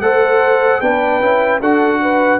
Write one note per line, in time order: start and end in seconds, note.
0.00 0.80 A3
0.00 0.82 A4
0.00 0.82 C5
0.00 0.80 F#5
0.81 1.20 B3
0.81 1.21 D4
0.81 1.60 B4
0.81 1.61 G5
1.20 1.60 C#4
1.20 1.61 E4
1.60 2.39 D4
1.60 2.39 F#4
1.60 2.00 A4
1.60 2.39 F#5
2.02 2.39 B4